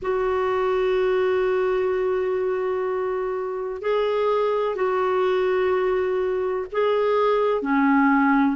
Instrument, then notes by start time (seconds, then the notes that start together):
clarinet
0.02 F#4
3.81 G#4
4.75 F#4
6.71 G#4
7.62 C#4